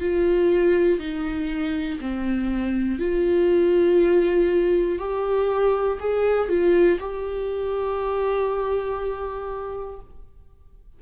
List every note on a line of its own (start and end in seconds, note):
0.00 0.99 F4
0.99 1.99 D#4
2.00 2.99 C4
2.99 4.99 F4
4.99 5.99 G4
6.00 6.48 G#4
6.48 6.98 F4
7.00 10.00 G4